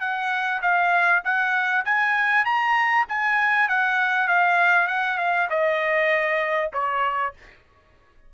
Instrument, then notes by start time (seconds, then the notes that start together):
trumpet
0.00 F#5
0.62 F5
1.24 F#5
1.85 G#5
2.45 A#5
3.08 G#5
3.68 F#5
4.28 F5
4.87 F#5
5.18 F5
5.50 D#5
6.73 C#5